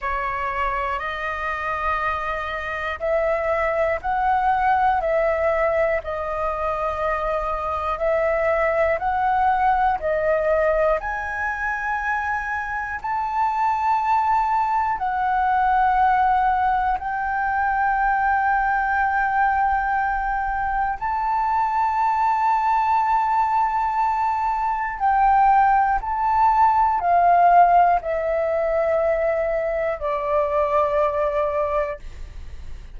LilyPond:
\new Staff \with { instrumentName = "flute" } { \time 4/4 \tempo 4 = 60 cis''4 dis''2 e''4 | fis''4 e''4 dis''2 | e''4 fis''4 dis''4 gis''4~ | gis''4 a''2 fis''4~ |
fis''4 g''2.~ | g''4 a''2.~ | a''4 g''4 a''4 f''4 | e''2 d''2 | }